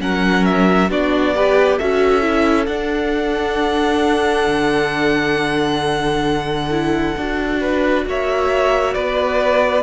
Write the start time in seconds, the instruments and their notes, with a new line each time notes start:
0.00 cello F#3, viola C#4, violin A#4 F#5
0.45 violin E5
0.89 cello B3, viola D4, violin F#4 D5
1.35 viola G4, violin B4
1.77 cello C#4, viola F#4, violin A4 E5
2.22 viola E4
2.66 viola D4, cello D4, violin F#5
4.47 cello D3
6.70 viola E4
7.16 cello D4, viola F#4
7.60 violin B4
8.06 cello A#3, violin C#5 E5
8.94 cello B3, violin B4 D5